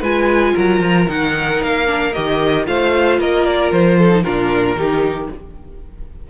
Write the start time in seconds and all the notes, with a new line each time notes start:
0.00 G#3 F4 B4 G#5
0.54 F#3 A#4 A#5
0.80 F3
1.07 D#3 D#4 F#5
1.63 A#3 F5
1.86 D4
2.13 D#3 G4 D#5
2.65 A3 F4 C5 F5
3.19 A#3 A#4 D#5
3.46 D5
3.72 F3 C5
3.99 A4
4.10 D#4
4.23 A#2 D4 F4 A#4
4.75 D#3 D#4 G4